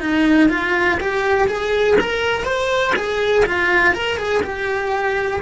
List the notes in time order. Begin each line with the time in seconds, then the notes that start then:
0.00 D#4
0.49 F4
1.00 G4
1.48 G#4
2.00 A#4
2.44 C5
2.96 G#4
3.45 F4
3.94 A#4
4.17 G#4
4.43 G4